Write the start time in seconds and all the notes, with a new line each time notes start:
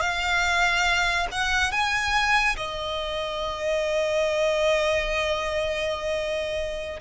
0.00 F5
1.31 F#5
1.71 G#5
2.56 D#5